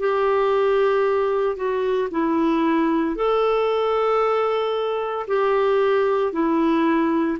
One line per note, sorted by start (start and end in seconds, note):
0.00 1.56 G4
1.56 2.09 F#4
2.11 3.16 E4
3.16 5.26 A4
5.27 6.33 G4
6.33 7.38 E4